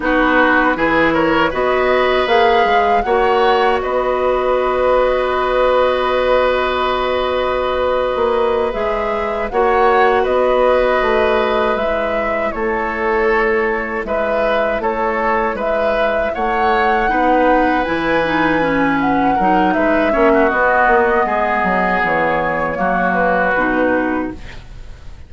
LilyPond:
<<
  \new Staff \with { instrumentName = "flute" } { \time 4/4 \tempo 4 = 79 b'4. cis''8 dis''4 f''4 | fis''4 dis''2.~ | dis''2.~ dis''8 e''8~ | e''8 fis''4 dis''2 e''8~ |
e''8 cis''2 e''4 cis''8~ | cis''8 e''4 fis''2 gis''8~ | gis''4 fis''4 e''4 dis''4~ | dis''4 cis''4. b'4. | }
  \new Staff \with { instrumentName = "oboe" } { \time 4/4 fis'4 gis'8 ais'8 b'2 | cis''4 b'2.~ | b'1~ | b'8 cis''4 b'2~ b'8~ |
b'8 a'2 b'4 a'8~ | a'8 b'4 cis''4 b'4.~ | b'4. ais'8 b'8 cis''16 fis'4~ fis'16 | gis'2 fis'2 | }
  \new Staff \with { instrumentName = "clarinet" } { \time 4/4 dis'4 e'4 fis'4 gis'4 | fis'1~ | fis'2.~ fis'8 gis'8~ | gis'8 fis'2. e'8~ |
e'1~ | e'2~ e'8 dis'4 e'8 | dis'8 cis'4 dis'4 cis'8 b4~ | b2 ais4 dis'4 | }
  \new Staff \with { instrumentName = "bassoon" } { \time 4/4 b4 e4 b4 ais8 gis8 | ais4 b2.~ | b2~ b8. ais8. gis8~ | gis8 ais4 b4 a4 gis8~ |
gis8 a2 gis4 a8~ | a8 gis4 a4 b4 e8~ | e4. fis8 gis8 ais8 b8 ais8 | gis8 fis8 e4 fis4 b,4 | }
>>